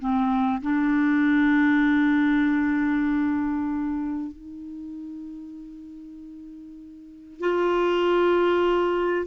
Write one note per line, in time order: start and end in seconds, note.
0.00 0.62 C4
0.62 4.32 D4
4.32 7.40 D#4
7.40 9.26 F4